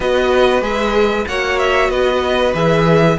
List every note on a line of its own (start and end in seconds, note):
0.00 0.61 B3
0.00 0.61 F#4
0.00 1.28 B4
0.00 0.62 D#5
0.61 1.25 G#3
0.61 1.25 G#4
0.61 1.26 E5
1.28 1.89 A#3
1.28 2.53 F#4
1.28 1.90 C#5
1.28 1.59 F#5
1.59 1.90 E5
1.89 2.53 B3
1.89 3.18 B4
1.89 2.53 D#5
2.53 3.17 E3
2.53 3.17 G#4
2.53 3.18 E5